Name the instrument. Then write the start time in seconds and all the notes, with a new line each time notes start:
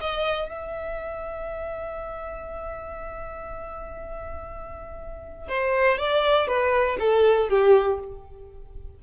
violin
0.00 D#5
0.49 E5
5.48 C5
5.98 D5
6.47 B4
6.99 A4
7.49 G4